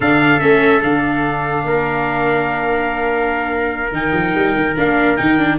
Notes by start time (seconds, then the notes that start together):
0.00 D3 D4 A4 F5
0.39 A3 C#4 E5
0.81 D3 D4 F5
1.64 A#3 A#4
3.91 D#3 D#4 G5
4.12 F3
4.34 G3
4.55 D#3
4.76 A#3 D4 F5
5.16 D#3 D#4 G5
5.37 D4